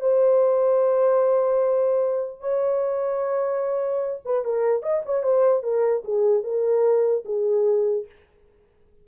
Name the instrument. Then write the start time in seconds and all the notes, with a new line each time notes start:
horn
0.00 C5
2.40 C#5
4.25 B4
4.44 A#4
4.82 D#5
5.05 C#5
5.23 C5
5.63 A#4
6.04 G#4
6.43 A#4
7.25 G#4